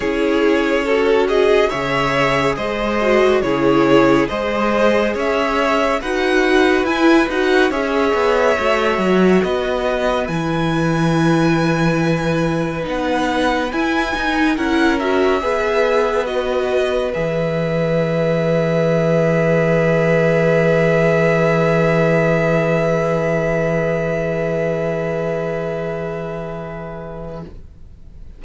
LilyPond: <<
  \new Staff \with { instrumentName = "violin" } { \time 4/4 \tempo 4 = 70 cis''4. dis''8 e''4 dis''4 | cis''4 dis''4 e''4 fis''4 | gis''8 fis''8 e''2 dis''4 | gis''2. fis''4 |
gis''4 fis''8 e''4. dis''4 | e''1~ | e''1~ | e''1 | }
  \new Staff \with { instrumentName = "violin" } { \time 4/4 gis'4 a'8 gis'8 cis''4 c''4 | gis'4 c''4 cis''4 b'4~ | b'4 cis''2 b'4~ | b'1~ |
b'4 ais'4 b'2~ | b'1~ | b'1~ | b'1 | }
  \new Staff \with { instrumentName = "viola" } { \time 4/4 e'4 fis'4 gis'4. fis'8 | e'4 gis'2 fis'4 | e'8 fis'8 gis'4 fis'2 | e'2. dis'4 |
e'8 dis'8 e'8 fis'8 gis'4 fis'4 | gis'1~ | gis'1~ | gis'1 | }
  \new Staff \with { instrumentName = "cello" } { \time 4/4 cis'2 cis4 gis4 | cis4 gis4 cis'4 dis'4 | e'8 dis'8 cis'8 b8 a8 fis8 b4 | e2. b4 |
e'8 dis'8 cis'4 b2 | e1~ | e1~ | e1 | }
>>